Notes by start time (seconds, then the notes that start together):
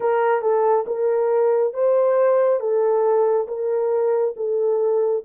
0.00 A#4
0.42 A4
0.86 A#4
1.74 C5
2.60 A4
3.47 A#4
4.36 A4